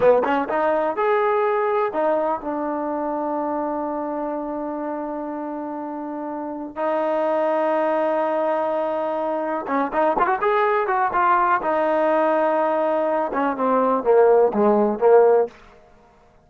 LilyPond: \new Staff \with { instrumentName = "trombone" } { \time 4/4 \tempo 4 = 124 b8 cis'8 dis'4 gis'2 | dis'4 d'2.~ | d'1~ | d'2 dis'2~ |
dis'1 | cis'8 dis'8 f'16 fis'16 gis'4 fis'8 f'4 | dis'2.~ dis'8 cis'8 | c'4 ais4 gis4 ais4 | }